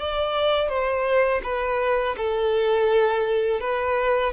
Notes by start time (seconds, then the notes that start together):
0.00 D5
0.69 C5
1.44 B4
2.18 A4
3.61 B4